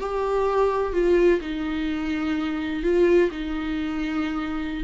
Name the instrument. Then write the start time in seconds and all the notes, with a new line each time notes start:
viola
0.00 G4
0.93 F4
1.41 D#4
2.83 F4
3.31 D#4